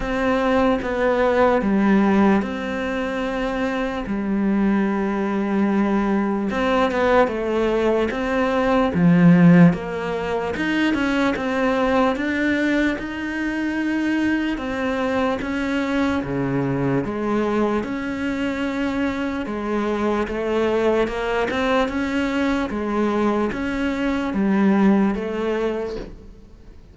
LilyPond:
\new Staff \with { instrumentName = "cello" } { \time 4/4 \tempo 4 = 74 c'4 b4 g4 c'4~ | c'4 g2. | c'8 b8 a4 c'4 f4 | ais4 dis'8 cis'8 c'4 d'4 |
dis'2 c'4 cis'4 | cis4 gis4 cis'2 | gis4 a4 ais8 c'8 cis'4 | gis4 cis'4 g4 a4 | }